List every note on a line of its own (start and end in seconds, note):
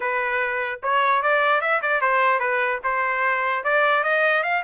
0.00 0.80 B4
0.82 1.22 C#5
1.22 1.61 D5
1.61 1.81 E5
1.81 2.01 D5
2.01 2.39 C5
2.39 2.80 B4
2.83 3.64 C5
3.64 4.03 D5
4.03 4.43 D#5
4.43 4.63 F5